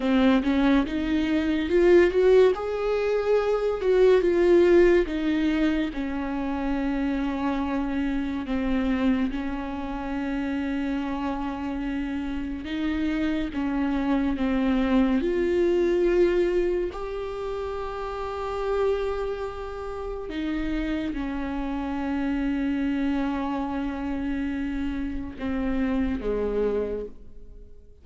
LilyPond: \new Staff \with { instrumentName = "viola" } { \time 4/4 \tempo 4 = 71 c'8 cis'8 dis'4 f'8 fis'8 gis'4~ | gis'8 fis'8 f'4 dis'4 cis'4~ | cis'2 c'4 cis'4~ | cis'2. dis'4 |
cis'4 c'4 f'2 | g'1 | dis'4 cis'2.~ | cis'2 c'4 gis4 | }